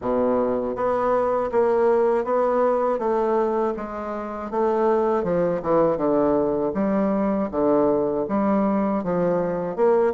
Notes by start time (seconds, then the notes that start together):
0.01 B2
0.75 B3
1.51 A#3
2.24 B3
2.98 A3
3.76 G#3
4.50 A3
5.23 F3
5.62 E3
5.97 D3
6.74 G3
7.51 D3
8.28 G3
9.03 F3
9.75 A#3